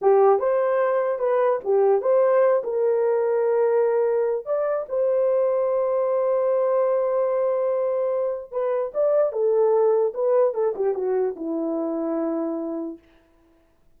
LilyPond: \new Staff \with { instrumentName = "horn" } { \time 4/4 \tempo 4 = 148 g'4 c''2 b'4 | g'4 c''4. ais'4.~ | ais'2. d''4 | c''1~ |
c''1~ | c''4 b'4 d''4 a'4~ | a'4 b'4 a'8 g'8 fis'4 | e'1 | }